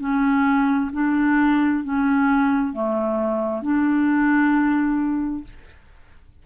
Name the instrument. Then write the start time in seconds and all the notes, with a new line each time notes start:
clarinet
0.00 C#4
0.93 D4
1.84 C#4
2.73 A3
3.62 D4